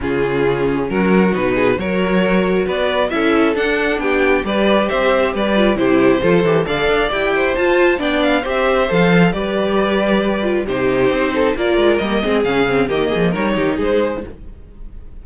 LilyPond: <<
  \new Staff \with { instrumentName = "violin" } { \time 4/4 \tempo 4 = 135 gis'2 ais'4 b'4 | cis''2 d''4 e''4 | fis''4 g''4 d''4 e''4 | d''4 c''2 f''4 |
g''4 a''4 g''8 f''8 e''4 | f''4 d''2. | c''2 d''4 dis''4 | f''4 dis''4 cis''4 c''4 | }
  \new Staff \with { instrumentName = "violin" } { \time 4/4 f'2 fis'4. gis'8 | ais'2 b'4 a'4~ | a'4 g'4 b'4 c''4 | b'4 g'4 a'4 d''4~ |
d''8 c''4. d''4 c''4~ | c''4 b'2. | g'4. a'8 ais'4. gis'8~ | gis'4 g'8 gis'8 ais'8 g'8 gis'4 | }
  \new Staff \with { instrumentName = "viola" } { \time 4/4 cis'2. dis'4 | fis'2. e'4 | d'2 g'2~ | g'8 f'8 e'4 f'8 g'8 a'4 |
g'4 f'4 d'4 g'4 | a'4 g'2~ g'8 f'8 | dis'2 f'4 ais8 c'8 | cis'8 c'8 ais4 dis'2 | }
  \new Staff \with { instrumentName = "cello" } { \time 4/4 cis2 fis4 b,4 | fis2 b4 cis'4 | d'4 b4 g4 c'4 | g4 c4 f8 e8 d8 d'8 |
e'4 f'4 b4 c'4 | f4 g2. | c4 c'4 ais8 gis8 g8 gis8 | cis4 dis8 f8 g8 dis8 gis4 | }
>>